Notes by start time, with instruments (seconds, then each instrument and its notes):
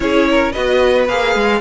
0.00 cello C#4, viola E4, violin G#4 C#5
0.30 violin A#4
0.52 cello B3, viola F#4, violin B4 D#5
1.08 cello A#3, viola G#4, violin F5
1.35 cello G#3